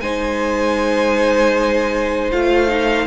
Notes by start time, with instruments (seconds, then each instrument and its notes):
0.00 cello G#3, viola D#4, violin C5 G#5
2.31 cello A3, viola F4, violin F5
2.68 viola D#4